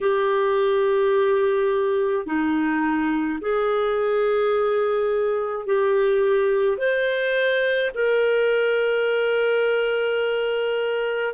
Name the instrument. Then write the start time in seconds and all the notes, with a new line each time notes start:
clarinet
0.00 G4
2.25 D#4
3.41 G#4
5.66 G4
6.77 C5
7.94 A#4